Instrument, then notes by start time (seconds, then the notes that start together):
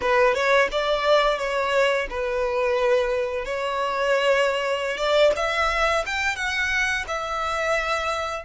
violin
0.01 B4
0.34 C#5
0.71 D5
1.38 C#5
2.10 B4
3.45 C#5
4.97 D5
5.36 E5
6.06 G5
6.36 F#5
7.07 E5